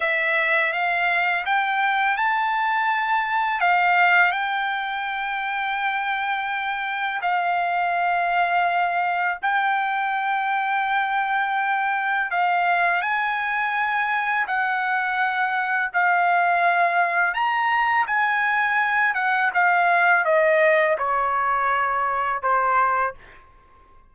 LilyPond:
\new Staff \with { instrumentName = "trumpet" } { \time 4/4 \tempo 4 = 83 e''4 f''4 g''4 a''4~ | a''4 f''4 g''2~ | g''2 f''2~ | f''4 g''2.~ |
g''4 f''4 gis''2 | fis''2 f''2 | ais''4 gis''4. fis''8 f''4 | dis''4 cis''2 c''4 | }